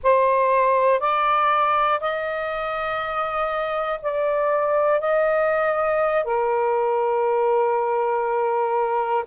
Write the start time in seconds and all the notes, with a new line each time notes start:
0.03 C5
1.00 D5
2.00 D#5
4.01 D5
5.00 D#5
6.24 A#4